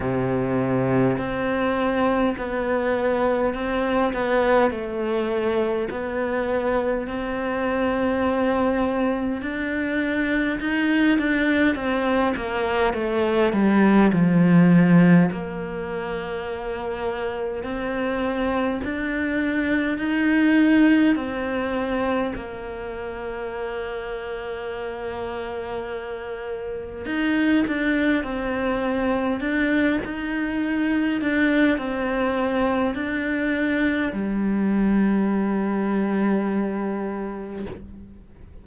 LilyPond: \new Staff \with { instrumentName = "cello" } { \time 4/4 \tempo 4 = 51 c4 c'4 b4 c'8 b8 | a4 b4 c'2 | d'4 dis'8 d'8 c'8 ais8 a8 g8 | f4 ais2 c'4 |
d'4 dis'4 c'4 ais4~ | ais2. dis'8 d'8 | c'4 d'8 dis'4 d'8 c'4 | d'4 g2. | }